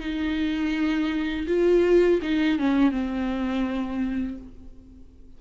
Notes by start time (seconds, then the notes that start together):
0.00 D#4
1.47 F4
2.22 D#4
2.59 C#4
2.91 C4